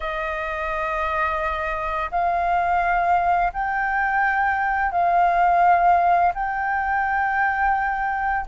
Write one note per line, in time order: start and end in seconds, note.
0.00 2.10 D#5
2.11 3.52 F5
3.53 4.91 G5
4.91 6.32 F5
6.34 8.46 G5